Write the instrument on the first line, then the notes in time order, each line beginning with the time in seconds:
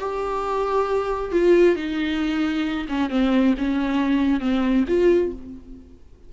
viola
0.00 G4
1.32 F4
1.76 D#4
2.89 C#4
3.11 C4
3.58 C#4
4.41 C4
4.88 F4